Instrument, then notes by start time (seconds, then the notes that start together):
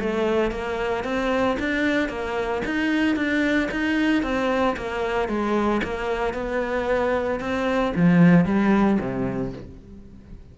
cello
0.00 A3
0.51 A#3
1.05 C4
1.60 D4
2.09 A#3
2.65 D#4
3.16 D4
3.71 D#4
4.23 C4
4.77 A#3
5.29 G#3
5.84 A#3
6.34 B3
7.40 C4
7.96 F3
8.45 G3
9.00 C3